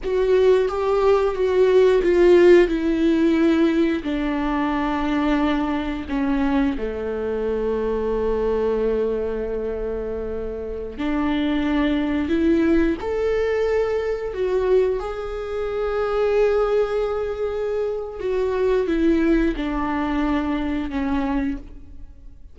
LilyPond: \new Staff \with { instrumentName = "viola" } { \time 4/4 \tempo 4 = 89 fis'4 g'4 fis'4 f'4 | e'2 d'2~ | d'4 cis'4 a2~ | a1~ |
a16 d'2 e'4 a'8.~ | a'4~ a'16 fis'4 gis'4.~ gis'16~ | gis'2. fis'4 | e'4 d'2 cis'4 | }